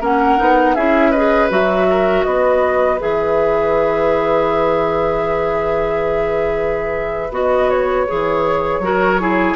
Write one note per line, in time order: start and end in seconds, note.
0.00 0.38 A#3
0.00 0.38 C#4
0.00 0.75 A#4
0.00 0.75 F#5
0.38 0.76 B3
0.38 0.76 D#4
0.75 1.50 C#4
0.75 1.14 E4
0.75 1.10 G#4
0.75 1.12 E5
1.10 1.50 G#4
1.10 1.85 B4
1.10 1.49 D#5
1.50 2.25 F#3
1.50 2.99 F#4
1.50 2.24 E5
1.90 2.25 A#4
2.24 3.00 B3
2.24 8.81 B4
2.24 2.99 D#5
2.99 7.30 E3
2.99 7.30 G#4
2.99 7.33 E5
7.30 8.05 B3
7.30 8.07 F#4
7.30 7.70 D#5
7.70 9.56 C#5
8.07 8.79 E3
8.07 8.82 G#4
8.79 9.54 F#3
8.79 9.20 F#4
8.79 9.21 A#4
9.20 9.56 E4
9.20 9.56 G#4